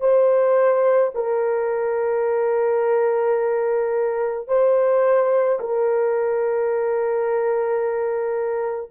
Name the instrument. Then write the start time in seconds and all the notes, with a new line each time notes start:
horn
0.00 C5
1.14 A#4
4.47 C5
5.59 A#4